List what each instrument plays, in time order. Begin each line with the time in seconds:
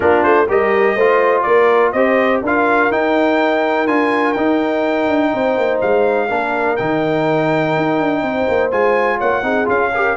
0.00 tuba A#3, trombone D4, horn F4, trumpet A#4
0.23 tuba A3, trumpet C5
0.48 tuba G3, trombone G4, horn A#4, trumpet D#5
0.95 tuba A3, trombone F4, horn C5
1.41 tuba A#3, horn A#4, trumpet D5
1.92 tuba C4, trombone G4, horn C5, trumpet D#5
2.41 tuba D4, trombone F4, horn A#4, trumpet F5
2.90 tuba D#4, trombone D#4, trumpet G5
3.87 tuba D4, trombone F4, trumpet G#5
4.32 tuba D#4, trombone D#4, trumpet G5
5.07 tuba D4
5.33 tuba C4, horn C5
5.57 tuba A#3
5.81 tuba G#3, trumpet F5
6.28 tuba A#3, trombone D4, horn A#4
6.76 tuba D#3, trombone D#4, trumpet G5
7.76 tuba D#4
7.99 tuba D4
8.22 tuba C4, horn C5
8.48 tuba A#3
8.71 tuba G#3, trombone F4, trumpet G#5
9.17 tuba A#3, horn C#5, trumpet F#5
9.42 tuba C4, trombone D#4, horn G#4
9.65 tuba C#4, trombone F4, trumpet F5
9.93 trombone G4, horn A#4